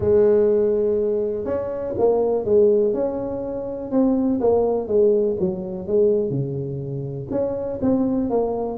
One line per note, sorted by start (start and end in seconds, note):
0.00 1.44 G#3
1.44 1.93 C#4
1.98 2.45 A#3
2.45 2.93 G#3
2.93 3.91 C#4
3.91 4.40 C4
4.40 4.87 A#3
4.87 5.36 G#3
5.39 5.87 F#3
5.87 6.30 G#3
6.30 7.27 C#3
7.31 7.79 C#4
7.81 8.29 C4
8.29 8.78 A#3